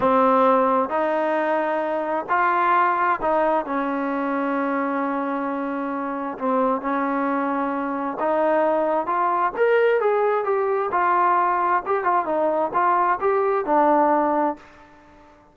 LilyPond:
\new Staff \with { instrumentName = "trombone" } { \time 4/4 \tempo 4 = 132 c'2 dis'2~ | dis'4 f'2 dis'4 | cis'1~ | cis'2 c'4 cis'4~ |
cis'2 dis'2 | f'4 ais'4 gis'4 g'4 | f'2 g'8 f'8 dis'4 | f'4 g'4 d'2 | }